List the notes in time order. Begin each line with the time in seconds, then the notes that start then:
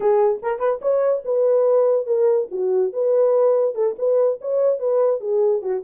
0.00 G#4
0.42 A#4
0.59 B4
0.81 C#5
1.25 B4
2.06 A#4
2.51 F#4
2.92 B4
3.74 A4
3.98 B4
4.41 C#5
4.79 B4
5.20 G#4
5.62 F#4